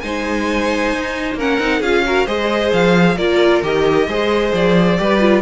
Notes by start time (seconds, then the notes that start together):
0.00 G#3 D#4 C5 G#5
0.92 D#4
1.34 A#3 C#4 A#4 F#5
1.59 C4 D#4
1.79 C#4 F4 G#4 F5
2.05 F#4 A#4
2.25 G#3 G#4 C5 D#5
2.73 F3 F5
3.16 A#3 F4 A#4 D5
3.62 D#3 G4 D#5
4.07 G#3 G#4 C5
4.53 F3 D5
4.98 G3 G4 B4
5.20 F4